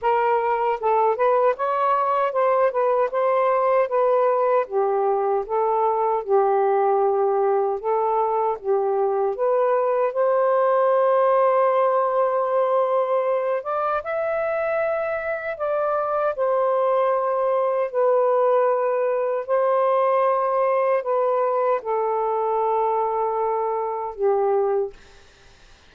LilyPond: \new Staff \with { instrumentName = "saxophone" } { \time 4/4 \tempo 4 = 77 ais'4 a'8 b'8 cis''4 c''8 b'8 | c''4 b'4 g'4 a'4 | g'2 a'4 g'4 | b'4 c''2.~ |
c''4. d''8 e''2 | d''4 c''2 b'4~ | b'4 c''2 b'4 | a'2. g'4 | }